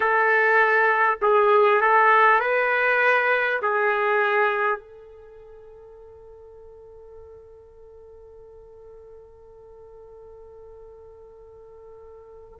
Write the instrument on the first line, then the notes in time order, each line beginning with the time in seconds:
trumpet
0.00 A4
1.21 G#4
1.81 A4
2.40 B4
3.62 G#4
4.78 A4